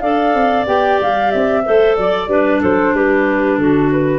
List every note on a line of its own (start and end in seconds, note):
0.00 0.34 D4
0.00 0.67 A4
0.00 1.63 D5
0.00 0.65 F5
0.34 0.66 C4
0.67 0.99 B3
0.67 1.63 G4
0.67 1.00 G5
1.01 1.33 G3
1.01 1.31 F5
1.31 1.67 C4
1.31 1.96 E5
1.65 1.98 A3
1.65 2.29 A4
1.65 1.98 C5
1.96 2.27 F#3
1.96 2.61 D5
1.96 2.30 D5
2.27 2.60 G3
2.27 4.19 D4
2.27 2.61 B4
2.61 2.95 F#3
2.61 2.94 A4
2.61 2.95 C5
2.95 3.59 G3
2.95 3.59 G4
2.95 3.58 B4
3.58 4.19 D3
3.58 4.19 F#4
3.58 3.91 A4
3.92 4.19 B4